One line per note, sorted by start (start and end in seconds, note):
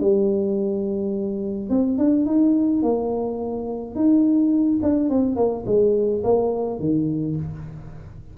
0.00 1.70 G3
1.70 1.98 C4
1.98 2.26 D4
2.26 2.82 D#4
2.83 3.95 A#3
3.95 4.80 D#4
4.82 5.09 D4
5.09 5.36 C4
5.36 5.64 A#3
5.66 6.23 G#3
6.23 6.80 A#3
6.80 7.36 D#3